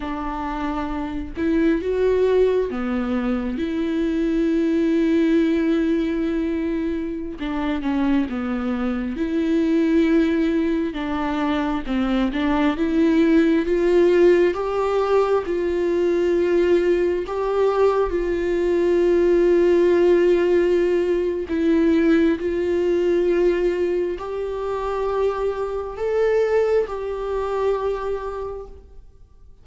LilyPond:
\new Staff \with { instrumentName = "viola" } { \time 4/4 \tempo 4 = 67 d'4. e'8 fis'4 b4 | e'1~ | e'16 d'8 cis'8 b4 e'4.~ e'16~ | e'16 d'4 c'8 d'8 e'4 f'8.~ |
f'16 g'4 f'2 g'8.~ | g'16 f'2.~ f'8. | e'4 f'2 g'4~ | g'4 a'4 g'2 | }